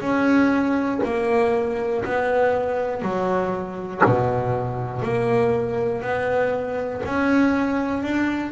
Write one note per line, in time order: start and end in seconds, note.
0.00 1.00 C#4
1.05 2.05 A#3
2.05 3.02 B3
3.02 4.02 F#3
4.05 5.02 B2
5.02 6.02 A#3
6.02 7.02 B3
7.05 8.02 C#4
8.02 8.52 D4